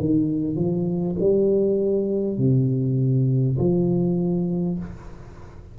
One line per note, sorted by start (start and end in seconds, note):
0.00 0.56 D#3
0.56 1.16 F3
1.21 2.38 G3
2.38 3.58 C3
3.59 4.79 F3